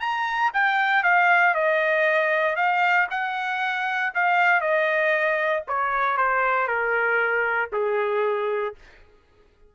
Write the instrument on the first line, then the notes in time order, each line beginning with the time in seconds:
trumpet
0.00 A#5
0.53 G5
1.03 F5
1.54 D#5
2.56 F5
3.10 F#5
4.14 F5
4.61 D#5
5.67 C#5
6.17 C5
6.67 A#4
7.72 G#4